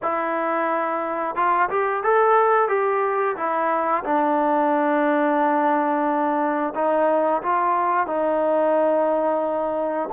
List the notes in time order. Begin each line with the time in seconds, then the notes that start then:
0.02 E4
1.35 F4
1.69 G4
2.03 A4
2.68 G4
3.36 E4
4.04 D4
6.74 D#4
7.42 F4
8.07 D#4